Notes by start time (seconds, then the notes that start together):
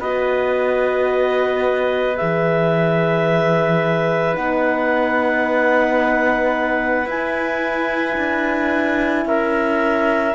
0.00 B3 F#4 B4 D#5
2.17 E3 G#4 E5
4.35 B3 D#4 F#5
7.06 E4 G#5
8.18 D4
9.25 C#4 A#4 E5